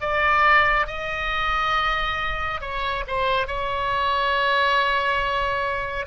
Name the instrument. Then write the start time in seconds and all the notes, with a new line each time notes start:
oboe
0.00 D5
0.87 D#5
2.60 C#5
3.07 C5
3.47 C#5